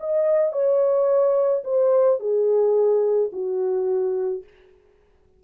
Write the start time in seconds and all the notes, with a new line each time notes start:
0.00 D#5
0.52 C#5
1.64 C5
2.19 G#4
3.33 F#4